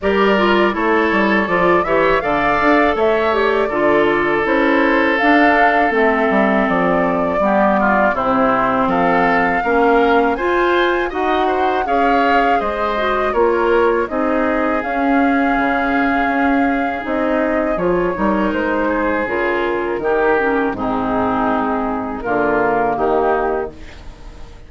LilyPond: <<
  \new Staff \with { instrumentName = "flute" } { \time 4/4 \tempo 4 = 81 d''4 cis''4 d''8 e''8 f''4 | e''8 d''4. c''4 f''4 | e''4 d''2 c''4 | f''2 gis''4 fis''4 |
f''4 dis''4 cis''4 dis''4 | f''2. dis''4 | cis''4 c''4 ais'2 | gis'2 ais'4 g'4 | }
  \new Staff \with { instrumentName = "oboe" } { \time 4/4 ais'4 a'4. cis''8 d''4 | cis''4 a'2.~ | a'2 g'8 f'8 e'4 | a'4 ais'4 c''4 dis''8 c''8 |
cis''4 c''4 ais'4 gis'4~ | gis'1~ | gis'8 ais'4 gis'4. g'4 | dis'2 f'4 dis'4 | }
  \new Staff \with { instrumentName = "clarinet" } { \time 4/4 g'8 f'8 e'4 f'8 g'8 a'4~ | a'8 g'8 f'4 e'4 d'4 | c'2 b4 c'4~ | c'4 cis'4 f'4 fis'4 |
gis'4. fis'8 f'4 dis'4 | cis'2. dis'4 | f'8 dis'4. f'4 dis'8 cis'8 | c'2 ais2 | }
  \new Staff \with { instrumentName = "bassoon" } { \time 4/4 g4 a8 g8 f8 e8 d8 d'8 | a4 d4 cis'4 d'4 | a8 g8 f4 g4 c4 | f4 ais4 f'4 dis'4 |
cis'4 gis4 ais4 c'4 | cis'4 cis4 cis'4 c'4 | f8 g8 gis4 cis4 dis4 | gis,2 d4 dis4 | }
>>